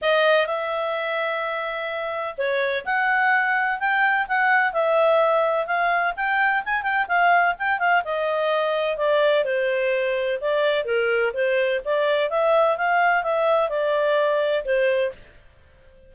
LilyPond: \new Staff \with { instrumentName = "clarinet" } { \time 4/4 \tempo 4 = 127 dis''4 e''2.~ | e''4 cis''4 fis''2 | g''4 fis''4 e''2 | f''4 g''4 gis''8 g''8 f''4 |
g''8 f''8 dis''2 d''4 | c''2 d''4 ais'4 | c''4 d''4 e''4 f''4 | e''4 d''2 c''4 | }